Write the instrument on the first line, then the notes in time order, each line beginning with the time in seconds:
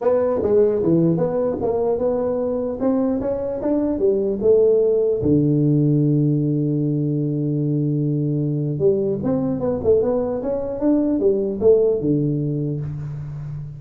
tuba
0.01 B3
0.42 G#3
0.82 E3
1.17 B3
1.61 A#3
1.98 B3
2.79 C4
3.20 C#4
3.61 D4
3.98 G3
4.41 A3
5.22 D3
8.78 G3
9.23 C4
9.60 B3
9.83 A3
10.02 B3
10.42 C#4
10.79 D4
11.19 G3
11.60 A3
12.00 D3